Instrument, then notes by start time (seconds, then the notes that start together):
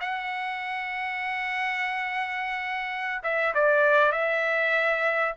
trumpet
0.00 F#5
3.23 E5
3.54 D5
4.12 E5